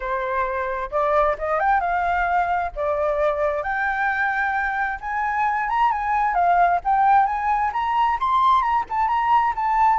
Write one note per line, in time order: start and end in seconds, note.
0.00 0.90 C5
0.91 1.36 D5
1.38 1.59 D#5
1.59 1.80 G5
1.80 2.71 F5
2.75 3.62 D5
3.62 4.99 G5
5.00 5.69 G#5
5.69 5.91 A#5
5.91 6.34 G#5
6.34 6.80 F5
6.84 7.26 G5
7.26 7.71 G#5
7.72 8.18 A#5
8.20 8.61 C6
8.61 8.84 A#5
8.89 9.08 A5
9.08 9.53 A#5
9.55 9.98 A5